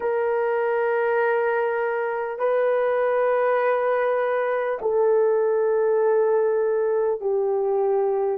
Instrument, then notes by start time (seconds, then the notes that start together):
horn
0.00 A#4
2.38 B4
4.81 A4
7.20 G4